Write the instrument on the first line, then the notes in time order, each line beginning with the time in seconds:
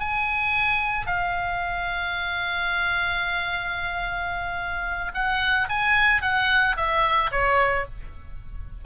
oboe
0.00 G#5
1.07 F5
5.14 F#5
5.69 G#5
6.22 F#5
6.77 E5
7.31 C#5